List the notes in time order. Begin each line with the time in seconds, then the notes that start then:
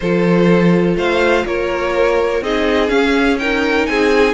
0.00 F3 F4 A4 C5
0.95 A3 C5 F5
1.45 A#3 A#4 C#5
2.41 C4 D#4 G#4 D#5
2.88 C#4 F5
3.38 D#4 A#4 G5
3.86 C4 G#4 G#5